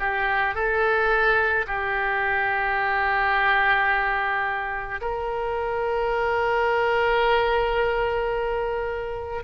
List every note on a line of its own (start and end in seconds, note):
0.00 0.55 G4
0.55 1.66 A4
1.68 5.01 G4
5.02 9.44 A#4